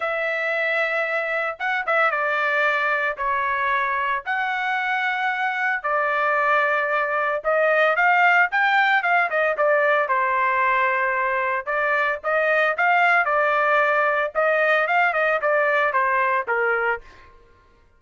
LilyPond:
\new Staff \with { instrumentName = "trumpet" } { \time 4/4 \tempo 4 = 113 e''2. fis''8 e''8 | d''2 cis''2 | fis''2. d''4~ | d''2 dis''4 f''4 |
g''4 f''8 dis''8 d''4 c''4~ | c''2 d''4 dis''4 | f''4 d''2 dis''4 | f''8 dis''8 d''4 c''4 ais'4 | }